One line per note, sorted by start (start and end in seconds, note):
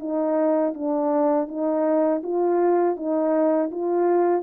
0.00 0.74 D#4
0.74 1.48 D4
1.48 2.22 D#4
2.23 2.96 F4
2.96 3.70 D#4
3.71 4.43 F4